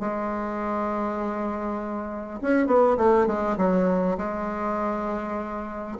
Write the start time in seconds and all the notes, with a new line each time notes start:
0.00 G#3
2.42 C#4
2.67 B3
2.97 A3
3.27 G#3
3.57 F#3
4.18 G#3